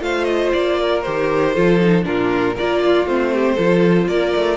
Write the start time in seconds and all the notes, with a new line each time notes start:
0.00 A3 F4 C5 F5
0.24 D#5
0.53 A#3 D5
0.80 A#4
1.01 D#3 G4 C5
1.54 F3 F4 A4
1.81 D#4
2.03 A#2 D4 F4 A#4
2.55 A#3 F4 A#4 D5
2.83 F4
3.06 A3 C4 C5
3.34 G4
3.55 F3 F4 A4
4.08 A#3 A#4 D5
4.35 A3